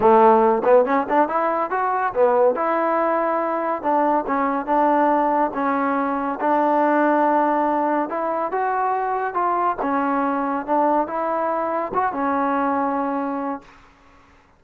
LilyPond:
\new Staff \with { instrumentName = "trombone" } { \time 4/4 \tempo 4 = 141 a4. b8 cis'8 d'8 e'4 | fis'4 b4 e'2~ | e'4 d'4 cis'4 d'4~ | d'4 cis'2 d'4~ |
d'2. e'4 | fis'2 f'4 cis'4~ | cis'4 d'4 e'2 | fis'8 cis'2.~ cis'8 | }